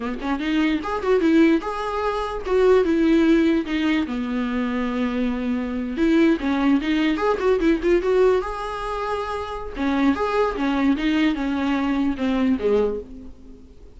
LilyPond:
\new Staff \with { instrumentName = "viola" } { \time 4/4 \tempo 4 = 148 b8 cis'8 dis'4 gis'8 fis'8 e'4 | gis'2 fis'4 e'4~ | e'4 dis'4 b2~ | b2~ b8. e'4 cis'16~ |
cis'8. dis'4 gis'8 fis'8 e'8 f'8 fis'16~ | fis'8. gis'2.~ gis'16 | cis'4 gis'4 cis'4 dis'4 | cis'2 c'4 gis4 | }